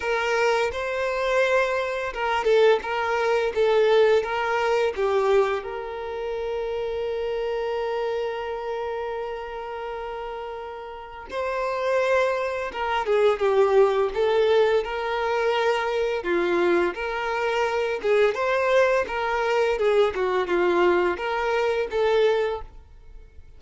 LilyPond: \new Staff \with { instrumentName = "violin" } { \time 4/4 \tempo 4 = 85 ais'4 c''2 ais'8 a'8 | ais'4 a'4 ais'4 g'4 | ais'1~ | ais'1 |
c''2 ais'8 gis'8 g'4 | a'4 ais'2 f'4 | ais'4. gis'8 c''4 ais'4 | gis'8 fis'8 f'4 ais'4 a'4 | }